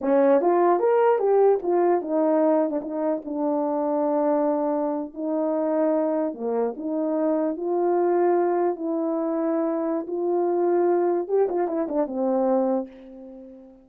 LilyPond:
\new Staff \with { instrumentName = "horn" } { \time 4/4 \tempo 4 = 149 cis'4 f'4 ais'4 g'4 | f'4 dis'4.~ dis'16 d'16 dis'4 | d'1~ | d'8. dis'2. ais16~ |
ais8. dis'2 f'4~ f'16~ | f'4.~ f'16 e'2~ e'16~ | e'4 f'2. | g'8 f'8 e'8 d'8 c'2 | }